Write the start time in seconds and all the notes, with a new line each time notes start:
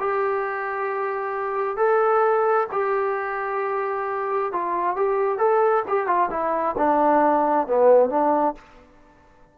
0.00 G4
1.77 A4
2.72 G4
4.53 F4
4.96 G4
5.38 A4
5.88 G4
6.07 F4
6.31 E4
6.78 D4
7.68 B3
8.10 D4